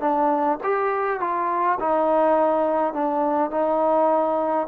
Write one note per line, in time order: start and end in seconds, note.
0.00 0.58 D4
0.63 1.20 G4
1.20 1.78 F4
1.80 2.93 D#4
2.93 3.51 D4
3.51 4.67 D#4